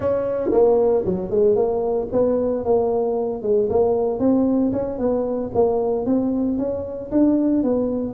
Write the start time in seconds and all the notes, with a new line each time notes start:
0.00 C#4
0.51 A#3
1.05 F#3
1.30 G#3
1.55 A#3
2.12 B3
2.64 A#3
3.42 G#3
3.69 A#3
4.19 C4
4.72 C#4
4.98 B3
5.54 A#3
6.05 C4
6.58 C#4
7.11 D4
7.63 B3